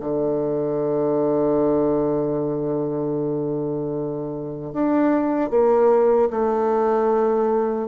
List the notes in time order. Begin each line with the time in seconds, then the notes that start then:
0.00 D3
4.73 D4
5.50 A#3
6.30 A3